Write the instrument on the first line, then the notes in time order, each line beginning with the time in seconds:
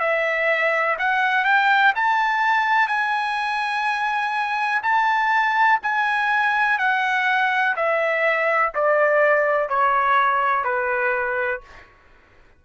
trumpet
0.00 E5
0.99 F#5
1.44 G5
1.95 A5
2.88 G#5
4.83 A5
5.82 G#5
6.78 F#5
7.76 E5
8.74 D5
9.69 C#5
10.65 B4